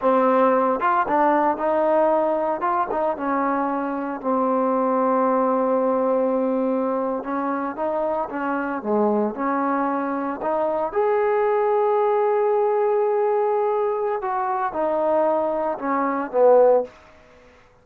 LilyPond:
\new Staff \with { instrumentName = "trombone" } { \time 4/4 \tempo 4 = 114 c'4. f'8 d'4 dis'4~ | dis'4 f'8 dis'8 cis'2 | c'1~ | c'4.~ c'16 cis'4 dis'4 cis'16~ |
cis'8. gis4 cis'2 dis'16~ | dis'8. gis'2.~ gis'16~ | gis'2. fis'4 | dis'2 cis'4 b4 | }